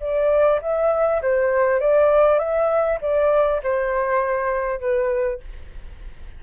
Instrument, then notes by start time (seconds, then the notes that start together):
flute
0.00 D5
0.62 E5
1.22 C5
1.80 D5
2.39 E5
3.01 D5
3.63 C5
4.80 B4